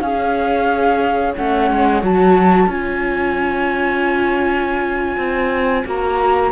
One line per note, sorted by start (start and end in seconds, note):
0.00 1.34 C#4
0.00 1.36 G#4
0.00 6.50 C#5
0.00 1.33 F5
1.35 1.70 A3
1.35 2.01 C#4
1.35 2.02 F#5
1.70 2.02 G#3
2.01 2.66 F#3
2.01 2.67 F#4
2.01 2.70 A5
2.66 5.16 C#4
2.66 5.85 F4
2.66 5.87 G#5
5.17 5.84 C4
5.85 6.51 A#3
5.85 6.51 F#4
5.85 6.51 A#5